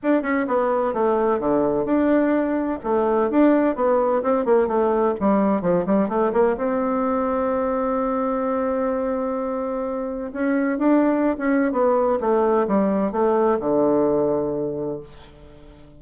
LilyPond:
\new Staff \with { instrumentName = "bassoon" } { \time 4/4 \tempo 4 = 128 d'8 cis'8 b4 a4 d4 | d'2 a4 d'4 | b4 c'8 ais8 a4 g4 | f8 g8 a8 ais8 c'2~ |
c'1~ | c'2 cis'4 d'4~ | d'16 cis'8. b4 a4 g4 | a4 d2. | }